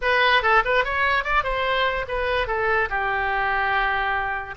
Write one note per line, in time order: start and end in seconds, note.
0.01 0.42 B4
0.42 0.63 A4
0.64 0.84 B4
0.84 1.24 C#5
1.24 1.43 D5
1.43 2.05 C5
2.08 2.47 B4
2.47 2.88 A4
2.89 4.55 G4